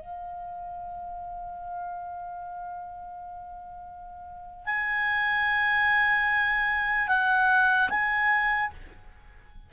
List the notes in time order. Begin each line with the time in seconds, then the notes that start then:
0.00 F5
4.65 G#5
7.08 F#5
7.89 G#5